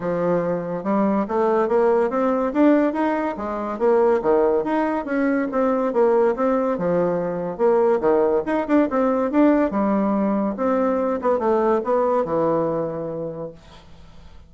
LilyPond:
\new Staff \with { instrumentName = "bassoon" } { \time 4/4 \tempo 4 = 142 f2 g4 a4 | ais4 c'4 d'4 dis'4 | gis4 ais4 dis4 dis'4 | cis'4 c'4 ais4 c'4 |
f2 ais4 dis4 | dis'8 d'8 c'4 d'4 g4~ | g4 c'4. b8 a4 | b4 e2. | }